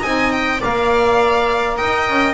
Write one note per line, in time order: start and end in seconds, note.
0.00 0.61 C4
0.00 0.61 D#4
0.00 0.58 D#5
0.00 0.31 G#5
0.31 0.61 G5
0.60 1.80 A#3
0.60 2.33 A#4
0.60 1.76 D5
0.60 1.77 F5
1.76 2.08 D#4
1.76 2.33 D#5
1.76 2.33 G5
2.08 2.33 C#4